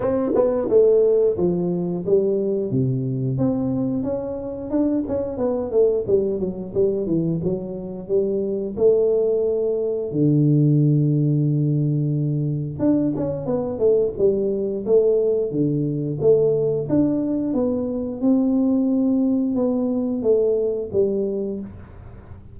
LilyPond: \new Staff \with { instrumentName = "tuba" } { \time 4/4 \tempo 4 = 89 c'8 b8 a4 f4 g4 | c4 c'4 cis'4 d'8 cis'8 | b8 a8 g8 fis8 g8 e8 fis4 | g4 a2 d4~ |
d2. d'8 cis'8 | b8 a8 g4 a4 d4 | a4 d'4 b4 c'4~ | c'4 b4 a4 g4 | }